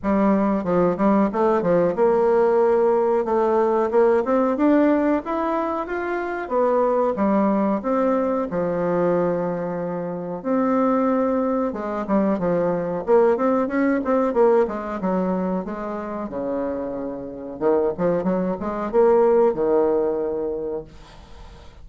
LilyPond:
\new Staff \with { instrumentName = "bassoon" } { \time 4/4 \tempo 4 = 92 g4 f8 g8 a8 f8 ais4~ | ais4 a4 ais8 c'8 d'4 | e'4 f'4 b4 g4 | c'4 f2. |
c'2 gis8 g8 f4 | ais8 c'8 cis'8 c'8 ais8 gis8 fis4 | gis4 cis2 dis8 f8 | fis8 gis8 ais4 dis2 | }